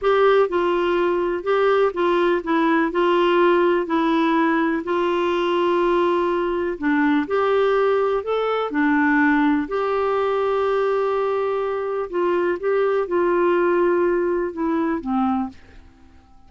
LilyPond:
\new Staff \with { instrumentName = "clarinet" } { \time 4/4 \tempo 4 = 124 g'4 f'2 g'4 | f'4 e'4 f'2 | e'2 f'2~ | f'2 d'4 g'4~ |
g'4 a'4 d'2 | g'1~ | g'4 f'4 g'4 f'4~ | f'2 e'4 c'4 | }